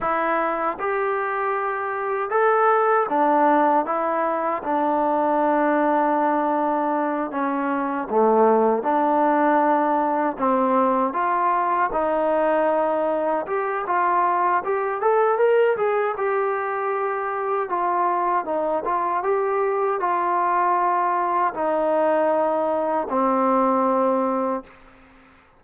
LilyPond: \new Staff \with { instrumentName = "trombone" } { \time 4/4 \tempo 4 = 78 e'4 g'2 a'4 | d'4 e'4 d'2~ | d'4. cis'4 a4 d'8~ | d'4. c'4 f'4 dis'8~ |
dis'4. g'8 f'4 g'8 a'8 | ais'8 gis'8 g'2 f'4 | dis'8 f'8 g'4 f'2 | dis'2 c'2 | }